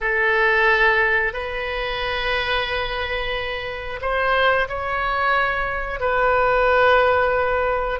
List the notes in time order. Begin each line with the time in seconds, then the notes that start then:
0.00 A4
1.33 B4
4.01 C5
4.68 C#5
6.00 B4